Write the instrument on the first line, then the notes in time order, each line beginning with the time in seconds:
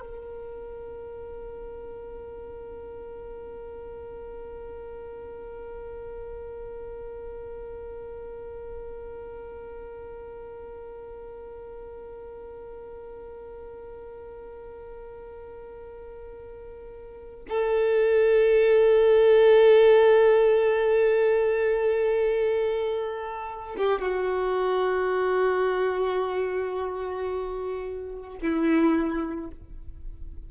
violin
0.00 A#4
17.49 A4
23.77 G4
24.01 F#4
28.42 E4